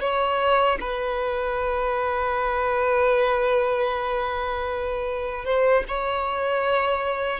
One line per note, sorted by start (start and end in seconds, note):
0.00 0.78 C#5
0.80 5.45 B4
5.45 5.84 C5
5.88 7.40 C#5